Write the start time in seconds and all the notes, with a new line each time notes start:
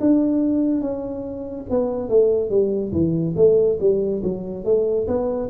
0.00 D4
0.81 C#4
1.70 B3
2.09 A3
2.50 G3
2.92 E3
3.36 A3
3.80 G3
4.23 F#3
4.64 A3
5.07 B3